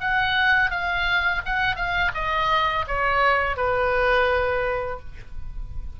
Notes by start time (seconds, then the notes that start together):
0.00 F#5
0.70 F5
1.45 F#5
1.75 F5
2.14 D#5
2.87 C#5
3.56 B4